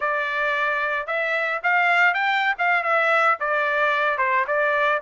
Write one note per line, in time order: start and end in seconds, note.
0.00 1.06 D5
1.06 1.60 E5
1.63 2.14 F5
2.14 2.54 G5
2.58 2.83 F5
2.83 3.37 E5
3.39 4.18 D5
4.18 4.45 C5
4.47 5.01 D5